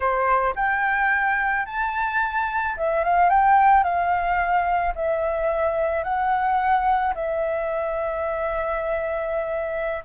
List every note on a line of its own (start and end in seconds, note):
0.00 0.54 C5
0.55 1.65 G5
1.65 2.75 A5
2.76 3.04 E5
3.04 3.29 F5
3.29 3.83 G5
3.83 4.93 F5
4.95 6.03 E5
6.03 7.13 F#5
7.14 10.03 E5